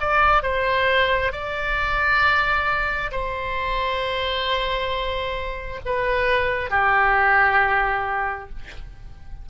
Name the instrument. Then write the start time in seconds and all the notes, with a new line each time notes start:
oboe
0.00 D5
0.43 C5
1.32 D5
3.11 C5
5.85 B4
6.70 G4